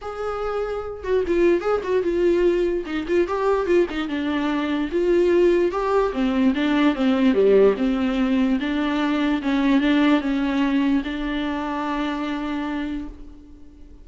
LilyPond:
\new Staff \with { instrumentName = "viola" } { \time 4/4 \tempo 4 = 147 gis'2~ gis'8 fis'8 f'4 | gis'8 fis'8 f'2 dis'8 f'8 | g'4 f'8 dis'8 d'2 | f'2 g'4 c'4 |
d'4 c'4 g4 c'4~ | c'4 d'2 cis'4 | d'4 cis'2 d'4~ | d'1 | }